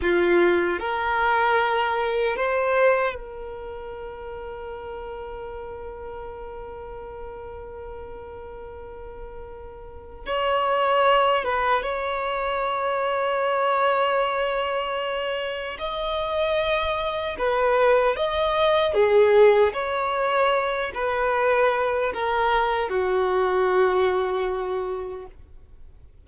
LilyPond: \new Staff \with { instrumentName = "violin" } { \time 4/4 \tempo 4 = 76 f'4 ais'2 c''4 | ais'1~ | ais'1~ | ais'4 cis''4. b'8 cis''4~ |
cis''1 | dis''2 b'4 dis''4 | gis'4 cis''4. b'4. | ais'4 fis'2. | }